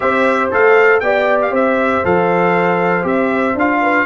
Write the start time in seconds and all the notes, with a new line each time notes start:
0.00 C4 G4 C5 E5
0.51 A3 A4 F5
1.00 B3 G4 D5 G5
1.41 F5
1.51 C4 C5 E5
2.04 F3 A4 F5
3.02 C4 G4 E5
3.54 D4 F4 F5
3.81 B4